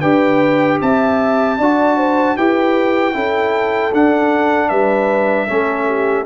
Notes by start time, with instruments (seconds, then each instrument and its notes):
0.00 tuba D4, trombone G4, horn B4, trumpet G5
0.81 tuba C4, horn E5, trumpet A5
1.58 tuba D4, trombone F#4, horn D5
1.97 horn C5
2.36 tuba E4, trombone G4, horn B4, trumpet G5
3.13 tuba C#4, trombone E4, horn A4
3.92 tuba D4, trombone D4, trumpet F#5
4.69 tuba G3, horn B4, trumpet E5
5.47 tuba A3, trombone C#4, horn A4
5.86 horn G4